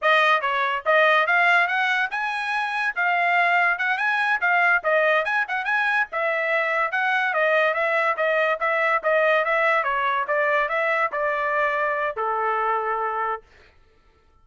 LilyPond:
\new Staff \with { instrumentName = "trumpet" } { \time 4/4 \tempo 4 = 143 dis''4 cis''4 dis''4 f''4 | fis''4 gis''2 f''4~ | f''4 fis''8 gis''4 f''4 dis''8~ | dis''8 gis''8 fis''8 gis''4 e''4.~ |
e''8 fis''4 dis''4 e''4 dis''8~ | dis''8 e''4 dis''4 e''4 cis''8~ | cis''8 d''4 e''4 d''4.~ | d''4 a'2. | }